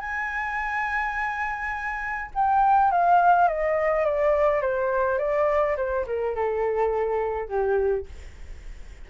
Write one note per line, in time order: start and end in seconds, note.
0.00 2.31 G#5
2.34 2.91 G5
2.91 3.48 F5
3.48 4.05 D#5
4.05 4.61 D5
4.61 5.18 C5
5.18 5.76 D5
5.77 6.06 C5
6.07 6.35 A#4
6.35 7.48 A4
7.48 8.06 G4